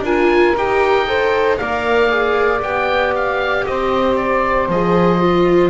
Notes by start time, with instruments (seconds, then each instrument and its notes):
0.00 double bass D4, viola F4, saxophone A#4, oboe G#5
0.56 double bass D#4, viola G4, oboe G5
1.07 viola A4, saxophone C5
1.58 double bass A#3, viola A#4, saxophone D5, oboe F5
2.09 viola G#4
2.62 double bass B3, viola G4, oboe G5
3.16 oboe F5
3.66 double bass C4, saxophone C5, oboe D#5
4.16 oboe D5
4.68 double bass F3, viola G#4, oboe D#5
5.21 viola F4